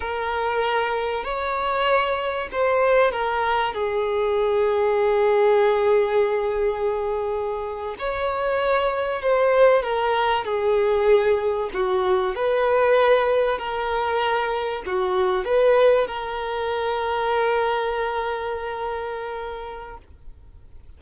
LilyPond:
\new Staff \with { instrumentName = "violin" } { \time 4/4 \tempo 4 = 96 ais'2 cis''2 | c''4 ais'4 gis'2~ | gis'1~ | gis'8. cis''2 c''4 ais'16~ |
ais'8. gis'2 fis'4 b'16~ | b'4.~ b'16 ais'2 fis'16~ | fis'8. b'4 ais'2~ ais'16~ | ais'1 | }